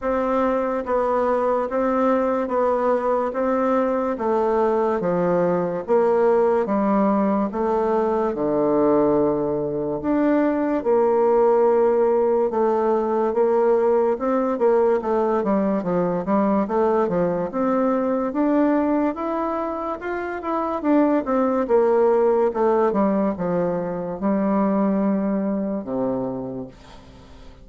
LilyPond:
\new Staff \with { instrumentName = "bassoon" } { \time 4/4 \tempo 4 = 72 c'4 b4 c'4 b4 | c'4 a4 f4 ais4 | g4 a4 d2 | d'4 ais2 a4 |
ais4 c'8 ais8 a8 g8 f8 g8 | a8 f8 c'4 d'4 e'4 | f'8 e'8 d'8 c'8 ais4 a8 g8 | f4 g2 c4 | }